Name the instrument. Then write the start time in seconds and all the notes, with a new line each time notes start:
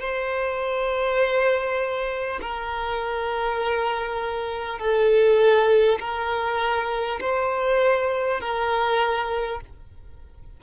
violin
0.00 C5
2.41 A#4
4.79 A4
6.00 A#4
7.21 C5
8.41 A#4